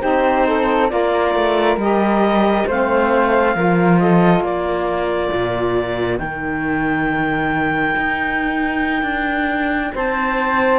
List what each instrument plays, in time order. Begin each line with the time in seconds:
0.00 cello C4, saxophone D#4, flute G4, clarinet C5
0.47 flute A4
0.90 cello A#3, saxophone F4, flute A#4, clarinet D5
1.35 cello A3
1.77 cello G3, saxophone G4, clarinet D#5
2.67 cello A3, saxophone C4, flute C5, clarinet F5
3.55 cello F3, saxophone F4, flute A#4
3.99 flute A4, clarinet D#5
4.41 cello A#3, flute A#4, clarinet D5
5.34 cello A#2
6.19 cello D#3, saxophone D#4, clarinet G5
7.96 cello D#4
9.03 cello D4
9.95 cello C4, flute C5, clarinet A5